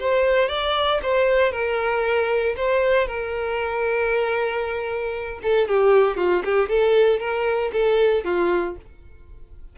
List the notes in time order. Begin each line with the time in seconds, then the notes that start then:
0.00 C5
0.49 D5
1.03 C5
1.52 A#4
2.57 C5
3.07 A#4
5.43 A4
5.68 G4
6.17 F4
6.45 G4
6.69 A4
7.20 A#4
7.73 A4
8.25 F4